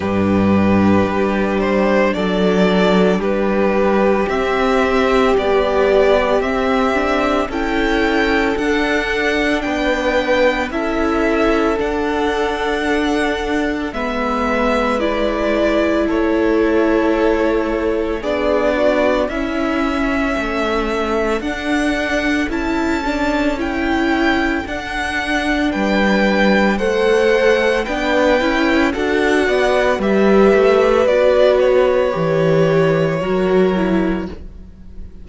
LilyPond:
<<
  \new Staff \with { instrumentName = "violin" } { \time 4/4 \tempo 4 = 56 b'4. c''8 d''4 b'4 | e''4 d''4 e''4 g''4 | fis''4 g''4 e''4 fis''4~ | fis''4 e''4 d''4 cis''4~ |
cis''4 d''4 e''2 | fis''4 a''4 g''4 fis''4 | g''4 fis''4 g''4 fis''4 | e''4 d''8 cis''2~ cis''8 | }
  \new Staff \with { instrumentName = "violin" } { \time 4/4 g'2 a'4 g'4~ | g'2. a'4~ | a'4 b'4 a'2~ | a'4 b'2 a'4~ |
a'4 gis'8 fis'8 e'4 a'4~ | a'1 | b'4 c''4 b'4 a'8 d''8 | b'2. ais'4 | }
  \new Staff \with { instrumentName = "viola" } { \time 4/4 d'1 | c'4 g4 c'8 d'8 e'4 | d'2 e'4 d'4~ | d'4 b4 e'2~ |
e'4 d'4 cis'2 | d'4 e'8 d'8 e'4 d'4~ | d'4 a'4 d'8 e'8 fis'4 | g'4 fis'4 g'4 fis'8 e'8 | }
  \new Staff \with { instrumentName = "cello" } { \time 4/4 g,4 g4 fis4 g4 | c'4 b4 c'4 cis'4 | d'4 b4 cis'4 d'4~ | d'4 gis2 a4~ |
a4 b4 cis'4 a4 | d'4 cis'2 d'4 | g4 a4 b8 cis'8 d'8 b8 | g8 a8 b4 e4 fis4 | }
>>